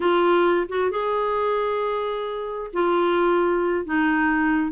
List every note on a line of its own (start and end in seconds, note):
0.00 0.67 F4
0.68 0.90 F#4
0.90 2.71 G#4
2.73 3.85 F4
3.85 4.71 D#4